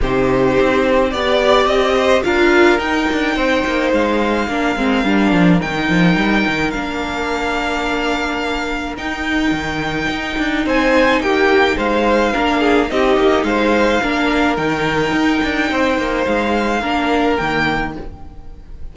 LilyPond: <<
  \new Staff \with { instrumentName = "violin" } { \time 4/4 \tempo 4 = 107 c''2 d''4 dis''4 | f''4 g''2 f''4~ | f''2 g''2 | f''1 |
g''2. gis''4 | g''4 f''2 dis''4 | f''2 g''2~ | g''4 f''2 g''4 | }
  \new Staff \with { instrumentName = "violin" } { \time 4/4 g'2 d''4. c''8 | ais'2 c''2 | ais'1~ | ais'1~ |
ais'2. c''4 | g'4 c''4 ais'8 gis'8 g'4 | c''4 ais'2. | c''2 ais'2 | }
  \new Staff \with { instrumentName = "viola" } { \time 4/4 dis'2 g'2 | f'4 dis'2. | d'8 c'8 d'4 dis'2 | d'1 |
dis'1~ | dis'2 d'4 dis'4~ | dis'4 d'4 dis'2~ | dis'2 d'4 ais4 | }
  \new Staff \with { instrumentName = "cello" } { \time 4/4 c4 c'4 b4 c'4 | d'4 dis'8 d'8 c'8 ais8 gis4 | ais8 gis8 g8 f8 dis8 f8 g8 dis8 | ais1 |
dis'4 dis4 dis'8 d'8 c'4 | ais4 gis4 ais4 c'8 ais8 | gis4 ais4 dis4 dis'8 d'8 | c'8 ais8 gis4 ais4 dis4 | }
>>